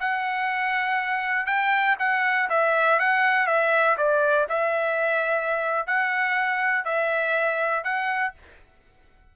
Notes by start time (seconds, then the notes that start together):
0.00 F#5
1.46 G5
1.99 F#5
2.50 E5
3.00 F#5
3.47 E5
3.98 D5
4.49 E5
5.87 F#5
6.85 E5
7.84 F#5